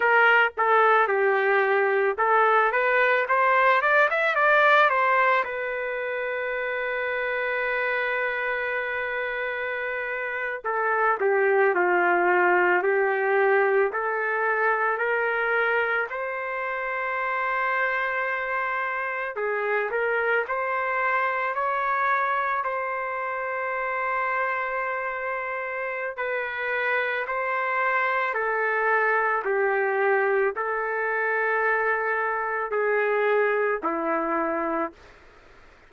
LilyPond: \new Staff \with { instrumentName = "trumpet" } { \time 4/4 \tempo 4 = 55 ais'8 a'8 g'4 a'8 b'8 c''8 d''16 e''16 | d''8 c''8 b'2.~ | b'4.~ b'16 a'8 g'8 f'4 g'16~ | g'8. a'4 ais'4 c''4~ c''16~ |
c''4.~ c''16 gis'8 ais'8 c''4 cis''16~ | cis''8. c''2.~ c''16 | b'4 c''4 a'4 g'4 | a'2 gis'4 e'4 | }